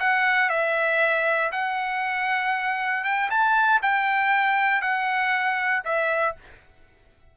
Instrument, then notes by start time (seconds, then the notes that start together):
trumpet
0.00 F#5
0.49 E5
1.52 F#5
3.04 G5
3.30 A5
3.83 G5
4.82 F#5
5.85 E5